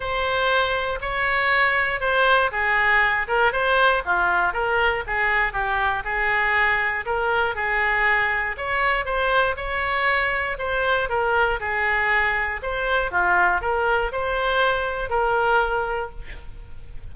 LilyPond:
\new Staff \with { instrumentName = "oboe" } { \time 4/4 \tempo 4 = 119 c''2 cis''2 | c''4 gis'4. ais'8 c''4 | f'4 ais'4 gis'4 g'4 | gis'2 ais'4 gis'4~ |
gis'4 cis''4 c''4 cis''4~ | cis''4 c''4 ais'4 gis'4~ | gis'4 c''4 f'4 ais'4 | c''2 ais'2 | }